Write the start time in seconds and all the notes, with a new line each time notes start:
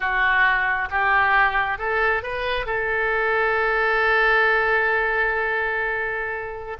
0.00 F#4
0.90 G4
1.78 A4
2.23 B4
2.66 A4